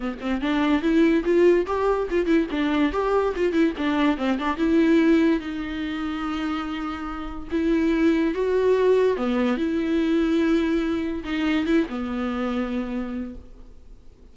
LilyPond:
\new Staff \with { instrumentName = "viola" } { \time 4/4 \tempo 4 = 144 b8 c'8 d'4 e'4 f'4 | g'4 f'8 e'8 d'4 g'4 | f'8 e'8 d'4 c'8 d'8 e'4~ | e'4 dis'2.~ |
dis'2 e'2 | fis'2 b4 e'4~ | e'2. dis'4 | e'8 b2.~ b8 | }